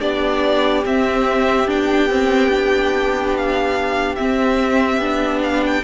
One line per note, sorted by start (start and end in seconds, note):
0.00 0.85 B3
0.00 0.84 D4
0.00 5.83 G4
0.00 0.84 D5
0.86 1.67 C4
0.86 1.68 C4
0.86 1.70 E5
1.67 4.17 B3
1.67 2.09 D4
1.67 3.37 G5
2.10 2.50 C4
2.50 4.17 D4
3.37 4.15 F5
4.15 5.01 C4
4.15 4.97 C4
4.15 5.40 E5
4.97 5.81 B3
4.97 5.84 D4
5.43 5.64 F5
5.66 5.84 G5